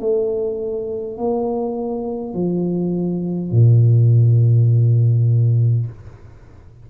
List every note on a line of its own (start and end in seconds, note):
0.00 1.18 A3
1.18 2.34 A#3
2.34 3.51 F3
3.51 5.87 A#2